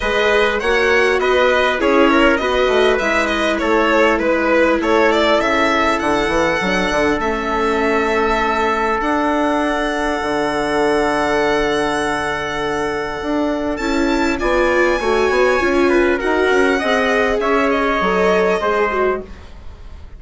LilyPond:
<<
  \new Staff \with { instrumentName = "violin" } { \time 4/4 \tempo 4 = 100 dis''4 fis''4 dis''4 cis''4 | dis''4 e''8 dis''8 cis''4 b'4 | cis''8 d''8 e''4 fis''2 | e''2. fis''4~ |
fis''1~ | fis''2. a''4 | gis''2. fis''4~ | fis''4 e''8 dis''2~ dis''8 | }
  \new Staff \with { instrumentName = "trumpet" } { \time 4/4 b'4 cis''4 b'4 gis'8 ais'8 | b'2 a'4 b'4 | a'1~ | a'1~ |
a'1~ | a'1 | d''4 cis''4. b'8 ais'4 | dis''4 cis''2 c''4 | }
  \new Staff \with { instrumentName = "viola" } { \time 4/4 gis'4 fis'2 e'4 | fis'4 e'2.~ | e'2. d'4 | cis'2. d'4~ |
d'1~ | d'2. e'4 | f'4 fis'4 f'4 fis'4 | gis'2 a'4 gis'8 fis'8 | }
  \new Staff \with { instrumentName = "bassoon" } { \time 4/4 gis4 ais4 b4 cis'4 | b8 a8 gis4 a4 gis4 | a4 cis4 d8 e8 fis8 d8 | a2. d'4~ |
d'4 d2.~ | d2 d'4 cis'4 | b4 a8 b8 cis'4 dis'8 cis'8 | c'4 cis'4 fis4 gis4 | }
>>